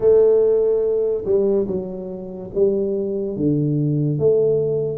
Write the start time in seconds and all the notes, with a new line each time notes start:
0.00 A3
1.25 G3
1.67 F#3
2.54 G3
3.36 D3
4.18 A3